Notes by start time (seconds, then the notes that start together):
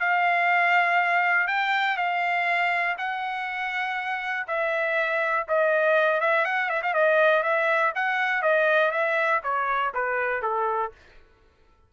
0.00 F5
1.48 G5
1.97 F5
2.98 F#5
4.47 E5
5.48 D#5
6.21 E5
6.45 F#5
6.69 E5
6.83 F5
6.94 D#5
7.43 E5
7.95 F#5
8.42 D#5
8.91 E5
9.43 C#5
9.94 B4
10.42 A4